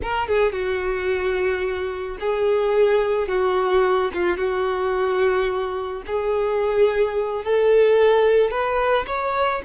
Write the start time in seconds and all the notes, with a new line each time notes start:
0.02 A#4
0.28 G#4
0.52 F#4
2.19 G#4
3.28 F#4
4.13 F4
4.37 F#4
6.06 G#4
7.44 A4
8.50 B4
9.07 C#5